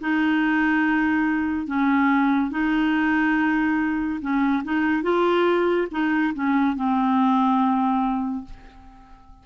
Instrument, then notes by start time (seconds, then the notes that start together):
clarinet
0.00 D#4
1.66 C#4
2.50 D#4
4.21 C#4
4.64 D#4
5.02 F4
5.91 D#4
6.34 C#4
6.76 C4